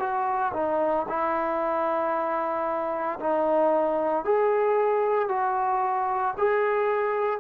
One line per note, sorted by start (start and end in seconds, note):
0.00 0.53 F#4
0.54 1.06 D#4
1.09 3.19 E4
3.20 4.25 D#4
4.25 5.29 G#4
5.29 6.34 F#4
6.38 7.40 G#4